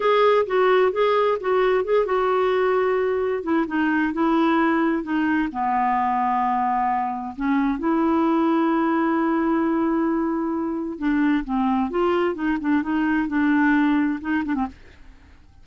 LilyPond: \new Staff \with { instrumentName = "clarinet" } { \time 4/4 \tempo 4 = 131 gis'4 fis'4 gis'4 fis'4 | gis'8 fis'2. e'8 | dis'4 e'2 dis'4 | b1 |
cis'4 e'2.~ | e'1 | d'4 c'4 f'4 dis'8 d'8 | dis'4 d'2 dis'8 d'16 c'16 | }